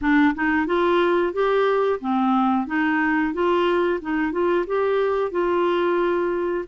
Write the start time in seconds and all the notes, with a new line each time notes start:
0.01 D4
0.35 D#4
0.66 F4
1.33 G4
2.00 C4
2.67 D#4
3.33 F4
4.01 D#4
4.32 F4
4.66 G4
5.31 F4